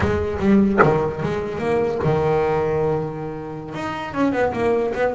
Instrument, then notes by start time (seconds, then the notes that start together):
double bass
0.00 G#3
0.39 G3
0.82 D#3
1.22 G#3
1.58 A#3
2.04 D#3
3.74 D#4
4.13 C#4
4.32 B3
4.53 A#3
4.94 B3